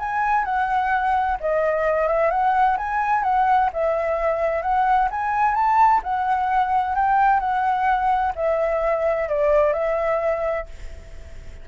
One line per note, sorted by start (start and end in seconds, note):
0.00 0.45 G#5
0.45 1.38 F#5
1.41 2.08 D#5
2.08 2.31 E5
2.31 2.78 F#5
2.78 3.24 G#5
3.24 3.70 F#5
3.74 4.63 E5
4.63 5.09 F#5
5.11 5.55 G#5
5.55 6.01 A5
6.04 6.96 F#5
6.96 7.40 G5
7.40 8.33 F#5
8.36 9.29 E5
9.29 9.74 D5
9.74 10.67 E5